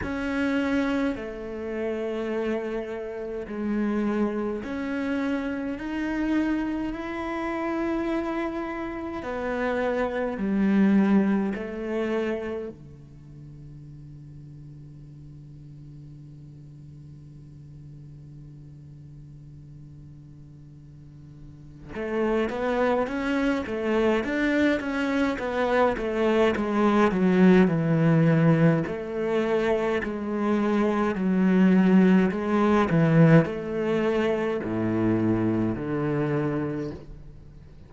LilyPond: \new Staff \with { instrumentName = "cello" } { \time 4/4 \tempo 4 = 52 cis'4 a2 gis4 | cis'4 dis'4 e'2 | b4 g4 a4 d4~ | d1~ |
d2. a8 b8 | cis'8 a8 d'8 cis'8 b8 a8 gis8 fis8 | e4 a4 gis4 fis4 | gis8 e8 a4 a,4 d4 | }